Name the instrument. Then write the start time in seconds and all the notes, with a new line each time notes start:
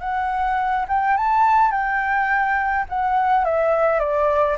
flute
0.00 F#5
0.88 G5
1.17 A5
1.71 G5
2.89 F#5
3.45 E5
3.99 D5